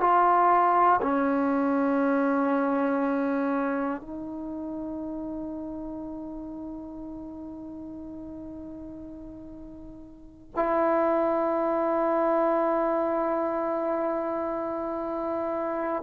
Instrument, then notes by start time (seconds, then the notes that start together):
trombone
0.00 F4
1.02 C#4
4.01 D#4
10.55 E4